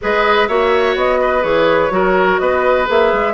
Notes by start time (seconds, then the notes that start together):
0.01 G#3 G#4 B4 D#5
0.47 A#3 F#4 C#5 E5
0.95 B3 D#5
1.20 B4
1.41 E3 G#4 C#5
1.90 F#3 F#4 A#4
2.38 B3 B4 D#5
2.85 A#3 G#4 E5
3.13 G#3